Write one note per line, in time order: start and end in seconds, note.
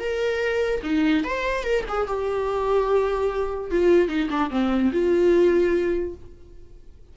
0.00 0.82 A#4
0.84 1.24 D#4
1.24 1.64 C5
1.64 1.85 A#4
1.89 2.08 G#4
2.08 3.71 G4
3.71 4.09 F4
4.09 4.29 D#4
4.30 4.51 D4
4.51 4.92 C4
4.93 6.15 F4